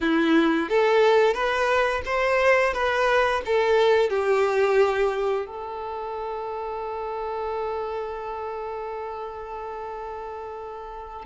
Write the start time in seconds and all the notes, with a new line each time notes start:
0.01 E4
0.69 A4
1.34 B4
2.05 C5
2.73 B4
3.45 A4
4.09 G4
5.46 A4